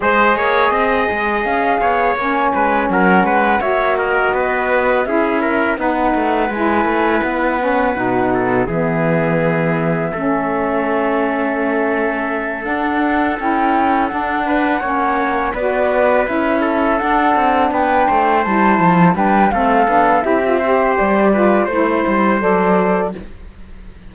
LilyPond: <<
  \new Staff \with { instrumentName = "flute" } { \time 4/4 \tempo 4 = 83 dis''2 f''4 gis''4 | fis''4 e''8 dis''4. e''4 | fis''4 gis''4 fis''2 | e''1~ |
e''4. fis''4 g''4 fis''8~ | fis''4. d''4 e''4 fis''8~ | fis''8 g''4 a''4 g''8 f''4 | e''4 d''4 c''4 d''4 | }
  \new Staff \with { instrumentName = "trumpet" } { \time 4/4 c''8 cis''8 dis''4. cis''4 b'8 | ais'8 b'8 cis''8 ais'8 b'4 gis'8 ais'8 | b'2.~ b'8 a'8 | gis'2 a'2~ |
a'1 | b'8 cis''4 b'4. a'4~ | a'8 b'8 c''4. b'8 a'4 | g'8 c''4 b'8 c''2 | }
  \new Staff \with { instrumentName = "saxophone" } { \time 4/4 gis'2. cis'4~ | cis'4 fis'2 e'4 | dis'4 e'4. cis'8 dis'4 | b2 cis'2~ |
cis'4. d'4 e'4 d'8~ | d'8 cis'4 fis'4 e'4 d'8~ | d'4. e'4 d'8 c'8 d'8 | e'16 f'16 g'4 f'8 e'4 a'4 | }
  \new Staff \with { instrumentName = "cello" } { \time 4/4 gis8 ais8 c'8 gis8 cis'8 b8 ais8 gis8 | fis8 gis8 ais4 b4 cis'4 | b8 a8 gis8 a8 b4 b,4 | e2 a2~ |
a4. d'4 cis'4 d'8~ | d'8 ais4 b4 cis'4 d'8 | c'8 b8 a8 g8 f8 g8 a8 b8 | c'4 g4 a8 g8 fis4 | }
>>